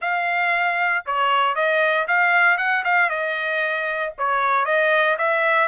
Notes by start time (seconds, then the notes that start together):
0.01 F5
1.06 C#5
1.55 D#5
2.07 F5
2.57 F#5
2.84 F5
3.09 D#5
4.18 C#5
4.65 D#5
5.17 E5